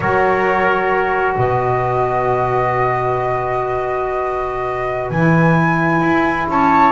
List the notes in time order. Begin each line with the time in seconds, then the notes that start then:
0.00 F#3 F#4 A#4 C#5
1.36 B2 B4 D#5
5.10 E3 E4 G#5
6.01 E4
6.48 C#4 C#5 A5